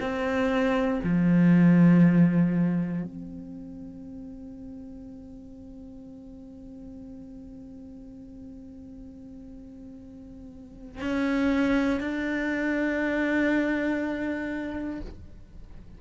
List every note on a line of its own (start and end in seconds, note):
0.00 1.00 C4
1.03 3.03 F3
3.03 11.01 C4
11.01 12.00 C#4
12.00 15.00 D4